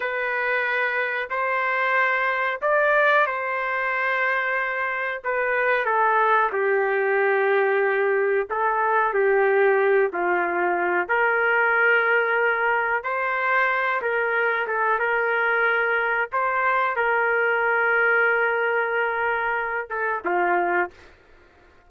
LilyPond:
\new Staff \with { instrumentName = "trumpet" } { \time 4/4 \tempo 4 = 92 b'2 c''2 | d''4 c''2. | b'4 a'4 g'2~ | g'4 a'4 g'4. f'8~ |
f'4 ais'2. | c''4. ais'4 a'8 ais'4~ | ais'4 c''4 ais'2~ | ais'2~ ais'8 a'8 f'4 | }